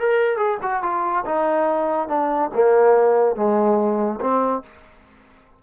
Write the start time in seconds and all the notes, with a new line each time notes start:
0.00 A#4
0.37 G#4
0.63 F#4
0.83 F4
1.26 D#4
2.09 D4
2.55 A#3
3.36 G#3
4.21 C4